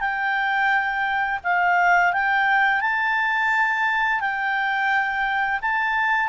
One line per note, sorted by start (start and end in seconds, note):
0.00 1.40 G5
1.44 2.13 F5
2.13 2.81 G5
2.81 4.20 A5
4.20 5.60 G5
5.61 6.29 A5